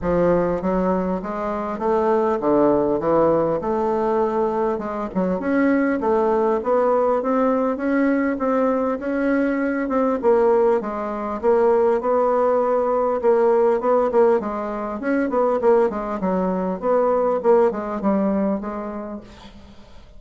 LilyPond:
\new Staff \with { instrumentName = "bassoon" } { \time 4/4 \tempo 4 = 100 f4 fis4 gis4 a4 | d4 e4 a2 | gis8 fis8 cis'4 a4 b4 | c'4 cis'4 c'4 cis'4~ |
cis'8 c'8 ais4 gis4 ais4 | b2 ais4 b8 ais8 | gis4 cis'8 b8 ais8 gis8 fis4 | b4 ais8 gis8 g4 gis4 | }